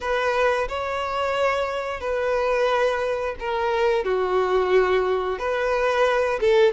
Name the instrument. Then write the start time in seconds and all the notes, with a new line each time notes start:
violin
0.00 B4
0.68 C#5
2.00 B4
3.39 A#4
4.04 F#4
5.38 B4
6.40 A4